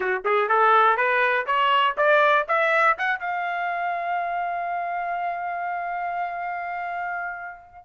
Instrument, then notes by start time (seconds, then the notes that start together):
trumpet
0.00 F#4
0.24 G#4
0.49 A4
0.96 B4
1.46 C#5
1.97 D5
2.47 E5
2.98 F#5
3.19 F5